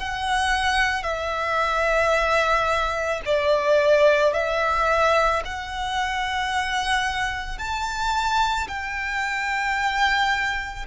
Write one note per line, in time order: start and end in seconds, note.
0.00 1.03 F#5
1.03 3.21 E5
3.26 4.34 D5
4.34 5.43 E5
5.45 7.59 F#5
7.59 8.68 A5
8.68 10.86 G5